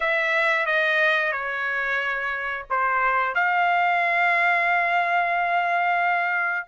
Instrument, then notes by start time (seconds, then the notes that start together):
trumpet
0.00 E5
0.66 D#5
1.32 C#5
2.70 C5
3.35 F5